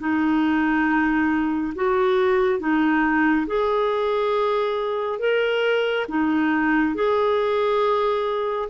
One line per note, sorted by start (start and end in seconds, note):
0.00 1.74 D#4
1.75 2.60 F#4
2.60 3.47 D#4
3.47 5.20 G#4
5.20 6.07 A#4
6.09 6.95 D#4
6.95 8.69 G#4